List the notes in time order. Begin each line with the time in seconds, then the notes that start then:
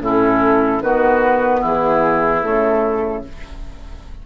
0.00 A2 C#4 E4 A4
0.81 D#3 B3 F#4 B4
1.61 E3 E4 G#4
2.43 C#3 A3 A4